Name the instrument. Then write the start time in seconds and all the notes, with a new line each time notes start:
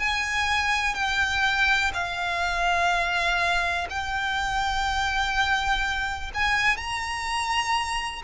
violin
0.00 G#5
0.95 G5
1.94 F5
3.90 G5
6.34 G#5
6.77 A#5